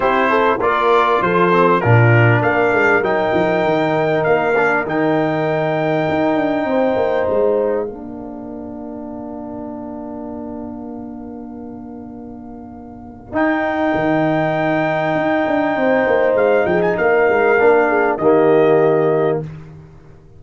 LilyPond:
<<
  \new Staff \with { instrumentName = "trumpet" } { \time 4/4 \tempo 4 = 99 c''4 d''4 c''4 ais'4 | f''4 g''2 f''4 | g''1 | f''1~ |
f''1~ | f''2 g''2~ | g''2. f''8 g''16 gis''16 | f''2 dis''2 | }
  \new Staff \with { instrumentName = "horn" } { \time 4/4 g'8 a'8 ais'4 a'4 f'4 | ais'1~ | ais'2. c''4~ | c''4 ais'2.~ |
ais'1~ | ais'1~ | ais'2 c''4. gis'8 | ais'4. gis'8 g'2 | }
  \new Staff \with { instrumentName = "trombone" } { \time 4/4 e'4 f'4. c'8 d'4~ | d'4 dis'2~ dis'8 d'8 | dis'1~ | dis'4 d'2.~ |
d'1~ | d'2 dis'2~ | dis'1~ | dis'4 d'4 ais2 | }
  \new Staff \with { instrumentName = "tuba" } { \time 4/4 c'4 ais4 f4 ais,4 | ais8 gis8 fis8 f8 dis4 ais4 | dis2 dis'8 d'8 c'8 ais8 | gis4 ais2.~ |
ais1~ | ais2 dis'4 dis4~ | dis4 dis'8 d'8 c'8 ais8 gis8 f8 | ais8 gis8 ais4 dis2 | }
>>